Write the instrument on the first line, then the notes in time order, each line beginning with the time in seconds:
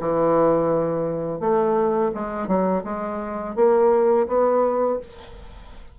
bassoon
0.00 E3
1.40 A3
2.14 G#3
2.48 F#3
2.84 G#3
3.56 A#3
4.28 B3